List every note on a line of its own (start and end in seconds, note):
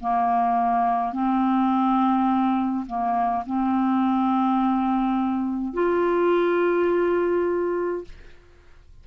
0.00 1.12 A#3
1.12 2.85 C4
2.86 3.44 A#3
3.46 5.73 C4
5.73 8.04 F4